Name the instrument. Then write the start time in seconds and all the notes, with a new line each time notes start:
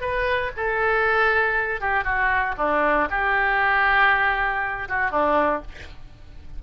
oboe
0.00 B4
0.56 A4
1.80 G4
2.04 F#4
2.57 D4
3.10 G4
4.88 F#4
5.11 D4